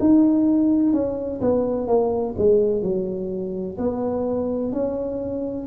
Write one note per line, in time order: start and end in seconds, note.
0.00 0.93 D#4
0.93 1.41 C#4
1.42 1.88 B3
1.88 2.35 A#3
2.38 2.82 G#3
2.82 3.77 F#3
3.78 4.72 B3
4.72 5.67 C#4